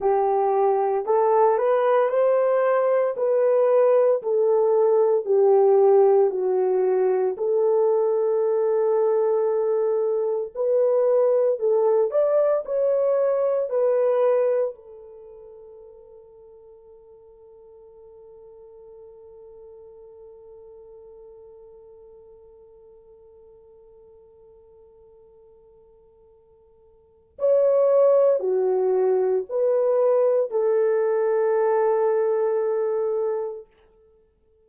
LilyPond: \new Staff \with { instrumentName = "horn" } { \time 4/4 \tempo 4 = 57 g'4 a'8 b'8 c''4 b'4 | a'4 g'4 fis'4 a'4~ | a'2 b'4 a'8 d''8 | cis''4 b'4 a'2~ |
a'1~ | a'1~ | a'2 cis''4 fis'4 | b'4 a'2. | }